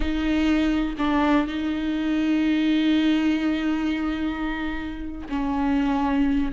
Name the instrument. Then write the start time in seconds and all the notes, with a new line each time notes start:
viola
0.00 D#4
0.98 D4
1.47 D#4
5.29 C#4